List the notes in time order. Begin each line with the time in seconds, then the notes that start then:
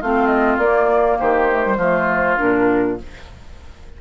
0.00 A3 C4 F4 F5
0.27 D#5
0.58 A#3 D5
1.19 D#3 G4 C5
1.52 A3
1.65 G3
1.77 F3 A3 F4
2.37 A#2 D4 A#4